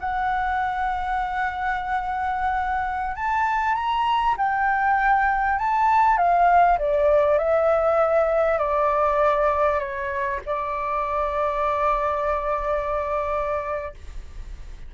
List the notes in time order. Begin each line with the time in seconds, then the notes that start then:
0.00 F#5
3.16 A5
3.75 A#5
4.37 G5
5.59 A5
6.18 F5
6.79 D5
7.38 E5
8.58 D5
9.79 C#5
10.46 D5